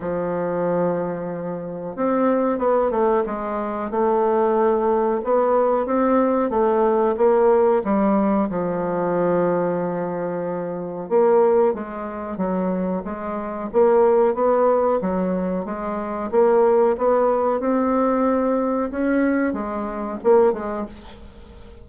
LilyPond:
\new Staff \with { instrumentName = "bassoon" } { \time 4/4 \tempo 4 = 92 f2. c'4 | b8 a8 gis4 a2 | b4 c'4 a4 ais4 | g4 f2.~ |
f4 ais4 gis4 fis4 | gis4 ais4 b4 fis4 | gis4 ais4 b4 c'4~ | c'4 cis'4 gis4 ais8 gis8 | }